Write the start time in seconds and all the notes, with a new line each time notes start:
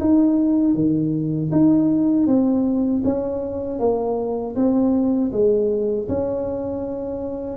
0.00 D#4
0.74 D#3
1.52 D#4
2.26 C4
3.04 C#4
3.79 A#3
4.55 C4
5.32 G#3
6.08 C#4